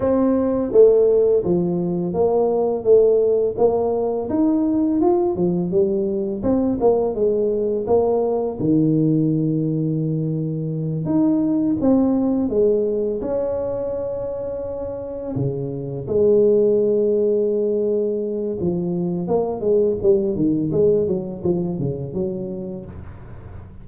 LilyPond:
\new Staff \with { instrumentName = "tuba" } { \time 4/4 \tempo 4 = 84 c'4 a4 f4 ais4 | a4 ais4 dis'4 f'8 f8 | g4 c'8 ais8 gis4 ais4 | dis2.~ dis8 dis'8~ |
dis'8 c'4 gis4 cis'4.~ | cis'4. cis4 gis4.~ | gis2 f4 ais8 gis8 | g8 dis8 gis8 fis8 f8 cis8 fis4 | }